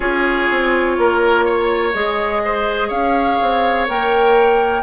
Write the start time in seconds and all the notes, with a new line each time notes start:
0.00 C#4 F4 G#4 C#5
0.50 C4
0.97 A#3 A#4
1.45 C#5
1.93 G#3 G#4 D#5
2.45 C5
2.88 C#4 C#5 F5
3.41 C4
3.87 A#3 A#4 G5